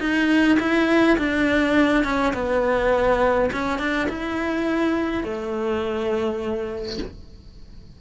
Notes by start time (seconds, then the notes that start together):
0.00 D#4
0.60 E4
1.18 D4
2.04 C#4
2.34 B3
3.53 C#4
3.79 D4
4.09 E4
5.24 A3